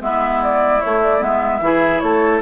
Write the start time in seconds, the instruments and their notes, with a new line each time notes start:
0.00 bassoon G#3, clarinet B3, oboe E4, flute E5
0.42 flute D5
0.81 clarinet A3, bassoon A3, flute C#5
1.03 flute D5
1.19 bassoon G#3, clarinet B3, flute E5
1.60 bassoon E3, clarinet E4, oboe G#4
1.99 bassoon A3, oboe A4, flute C#5